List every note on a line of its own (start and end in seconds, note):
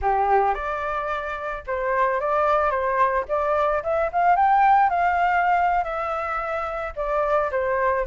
0.01 0.54 G4
0.54 1.63 D5
1.66 2.20 C5
2.20 2.70 D5
2.70 3.25 C5
3.28 3.83 D5
3.83 4.10 E5
4.12 4.36 F5
4.36 4.89 G5
4.89 5.84 F5
5.84 6.93 E5
6.95 7.50 D5
7.51 8.06 C5